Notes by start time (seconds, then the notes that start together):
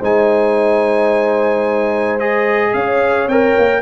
0.00 G#3 D#4 C5 G#5
2.20 G#4 D#5
2.74 C#4 C#5 F5
3.28 C4 A#4 G5
3.59 A#3